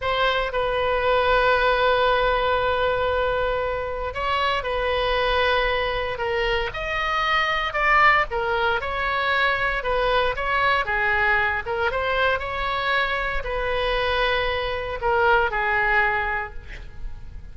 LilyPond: \new Staff \with { instrumentName = "oboe" } { \time 4/4 \tempo 4 = 116 c''4 b'2.~ | b'1 | cis''4 b'2. | ais'4 dis''2 d''4 |
ais'4 cis''2 b'4 | cis''4 gis'4. ais'8 c''4 | cis''2 b'2~ | b'4 ais'4 gis'2 | }